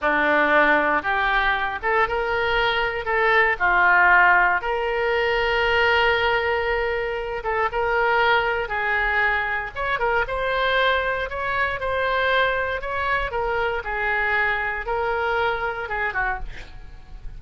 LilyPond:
\new Staff \with { instrumentName = "oboe" } { \time 4/4 \tempo 4 = 117 d'2 g'4. a'8 | ais'2 a'4 f'4~ | f'4 ais'2.~ | ais'2~ ais'8 a'8 ais'4~ |
ais'4 gis'2 cis''8 ais'8 | c''2 cis''4 c''4~ | c''4 cis''4 ais'4 gis'4~ | gis'4 ais'2 gis'8 fis'8 | }